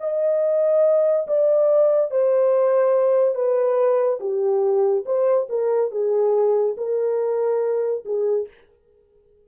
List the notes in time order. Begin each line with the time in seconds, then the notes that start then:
0.00 D#5
1.27 D5
2.11 C5
3.35 B4
4.20 G4
5.06 C5
5.49 A#4
5.91 G#4
6.78 A#4
8.06 G#4